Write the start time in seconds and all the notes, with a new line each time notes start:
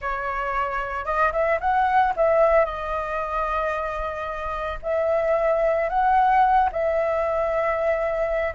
0.01 C#5
1.05 D#5
1.32 E5
1.60 F#5
2.16 E5
2.65 D#5
4.82 E5
5.89 F#5
6.72 E5